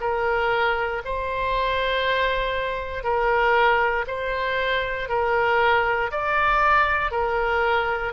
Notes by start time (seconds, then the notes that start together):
0.00 A#4
1.05 C5
3.03 A#4
4.07 C5
5.09 A#4
6.11 D5
7.11 A#4